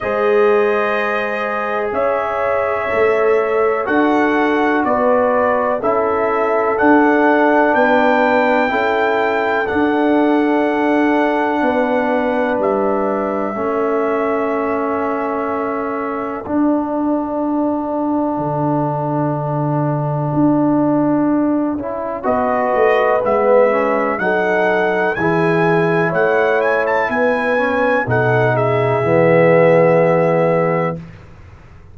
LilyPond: <<
  \new Staff \with { instrumentName = "trumpet" } { \time 4/4 \tempo 4 = 62 dis''2 e''2 | fis''4 d''4 e''4 fis''4 | g''2 fis''2~ | fis''4 e''2.~ |
e''4 fis''2.~ | fis''2. dis''4 | e''4 fis''4 gis''4 fis''8 gis''16 a''16 | gis''4 fis''8 e''2~ e''8 | }
  \new Staff \with { instrumentName = "horn" } { \time 4/4 c''2 cis''2 | a'4 b'4 a'2 | b'4 a'2. | b'2 a'2~ |
a'1~ | a'2. b'4~ | b'4 a'4 gis'4 cis''4 | b'4 a'8 gis'2~ gis'8 | }
  \new Staff \with { instrumentName = "trombone" } { \time 4/4 gis'2. a'4 | fis'2 e'4 d'4~ | d'4 e'4 d'2~ | d'2 cis'2~ |
cis'4 d'2.~ | d'2~ d'8 e'8 fis'4 | b8 cis'8 dis'4 e'2~ | e'8 cis'8 dis'4 b2 | }
  \new Staff \with { instrumentName = "tuba" } { \time 4/4 gis2 cis'4 a4 | d'4 b4 cis'4 d'4 | b4 cis'4 d'2 | b4 g4 a2~ |
a4 d'2 d4~ | d4 d'4. cis'8 b8 a8 | gis4 fis4 e4 a4 | b4 b,4 e2 | }
>>